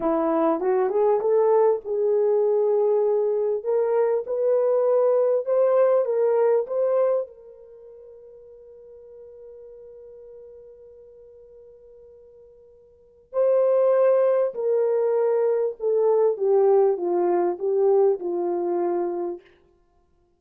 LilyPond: \new Staff \with { instrumentName = "horn" } { \time 4/4 \tempo 4 = 99 e'4 fis'8 gis'8 a'4 gis'4~ | gis'2 ais'4 b'4~ | b'4 c''4 ais'4 c''4 | ais'1~ |
ais'1~ | ais'2 c''2 | ais'2 a'4 g'4 | f'4 g'4 f'2 | }